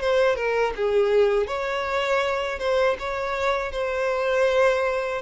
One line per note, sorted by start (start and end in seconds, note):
0.00 0.35 C5
0.35 0.73 A#4
0.75 1.47 G#4
1.47 2.59 C#5
2.59 2.96 C5
2.99 3.71 C#5
3.71 5.21 C5